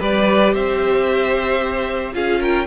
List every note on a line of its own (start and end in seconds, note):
0.00 0.55 G3
0.00 2.14 G4
0.00 0.54 B4
0.00 0.54 D5
0.54 2.15 C4
0.54 2.15 C5
0.54 2.15 E5
2.14 2.67 C#4
2.14 2.67 F4
2.14 2.40 G#4
2.14 2.42 F5
2.40 2.67 A#4
2.40 2.67 G5